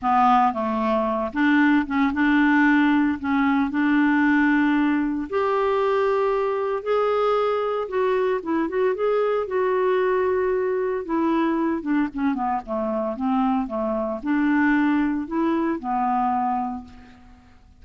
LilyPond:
\new Staff \with { instrumentName = "clarinet" } { \time 4/4 \tempo 4 = 114 b4 a4. d'4 cis'8 | d'2 cis'4 d'4~ | d'2 g'2~ | g'4 gis'2 fis'4 |
e'8 fis'8 gis'4 fis'2~ | fis'4 e'4. d'8 cis'8 b8 | a4 c'4 a4 d'4~ | d'4 e'4 b2 | }